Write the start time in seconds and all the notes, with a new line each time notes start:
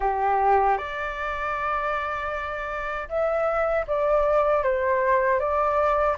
0.00 G4
0.77 D5
3.08 E5
3.87 D5
4.63 C5
5.39 D5